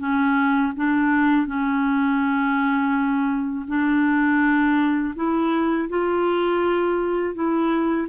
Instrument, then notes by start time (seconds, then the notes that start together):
clarinet
0.00 C#4
0.77 D4
1.47 C#4
3.68 D4
5.16 E4
5.89 F4
7.35 E4